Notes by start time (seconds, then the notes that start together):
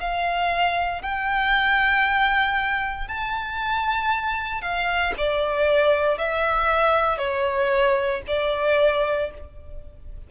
0.00 F5
1.02 G5
3.08 A5
4.62 F5
5.18 D5
6.18 E5
7.18 C#5
8.27 D5